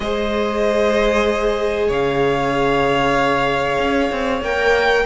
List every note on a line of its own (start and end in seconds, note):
0.00 1.89 G#3
0.00 4.42 G#4
0.00 1.88 C5
0.00 1.90 D#5
1.88 3.78 C#3
1.88 5.04 C#5
1.88 4.43 F5
3.78 4.10 C#4
4.11 4.41 C4
4.41 5.04 A#3
4.41 5.05 A#4
4.41 5.05 G5